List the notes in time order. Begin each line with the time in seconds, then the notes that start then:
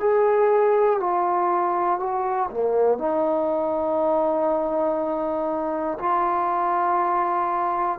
0.00 G#4
1.00 F4
2.00 F#4
2.50 A#3
2.98 D#4
6.00 F4